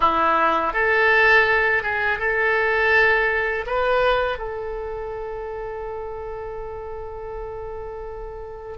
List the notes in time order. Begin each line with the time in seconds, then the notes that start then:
0.00 E4
0.73 A4
1.83 G#4
2.19 A4
3.66 B4
4.38 A4